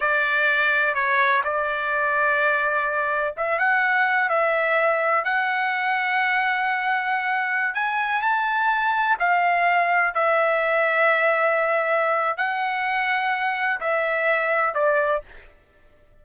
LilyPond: \new Staff \with { instrumentName = "trumpet" } { \time 4/4 \tempo 4 = 126 d''2 cis''4 d''4~ | d''2. e''8 fis''8~ | fis''4 e''2 fis''4~ | fis''1~ |
fis''16 gis''4 a''2 f''8.~ | f''4~ f''16 e''2~ e''8.~ | e''2 fis''2~ | fis''4 e''2 d''4 | }